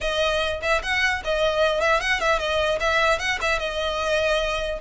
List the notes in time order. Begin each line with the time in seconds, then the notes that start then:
0.01 D#5
0.62 E5
0.82 F#5
1.24 D#5
1.81 E5
2.00 F#5
2.20 E5
2.38 D#5
2.79 E5
3.19 F#5
3.41 E5
3.59 D#5